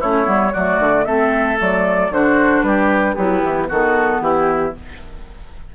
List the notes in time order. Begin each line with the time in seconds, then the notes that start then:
0.00 A3 C#4 E4 C#5
0.24 G3 B3
0.52 F#3 A3 F#4 D5
0.79 D3
1.05 A3 C4 A4 E5
1.57 F#3 A3 D5
2.10 D3 D4 F#4 C5
2.62 G3 G4 B4
3.15 F#3 B3 E4 G4
3.43 E3
3.69 D#3 B3 F#4 A4
4.20 E3 E4 G4